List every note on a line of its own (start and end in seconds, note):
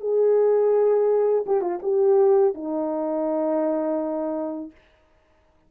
0.00 1.45 G#4
1.46 1.61 G4
1.61 1.79 F4
1.82 2.54 G4
2.54 4.71 D#4